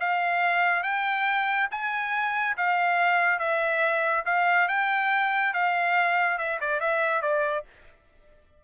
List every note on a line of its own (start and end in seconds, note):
0.00 0.83 F5
0.83 1.68 G5
1.71 2.56 G#5
2.57 3.39 F5
3.39 4.24 E5
4.26 4.68 F5
4.68 5.53 G5
5.53 6.38 F5
6.38 6.59 E5
6.61 6.80 D5
6.80 7.22 E5
7.22 7.64 D5